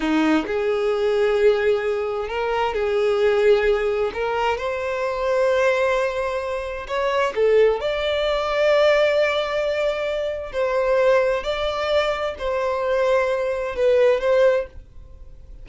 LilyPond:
\new Staff \with { instrumentName = "violin" } { \time 4/4 \tempo 4 = 131 dis'4 gis'2.~ | gis'4 ais'4 gis'2~ | gis'4 ais'4 c''2~ | c''2. cis''4 |
a'4 d''2.~ | d''2. c''4~ | c''4 d''2 c''4~ | c''2 b'4 c''4 | }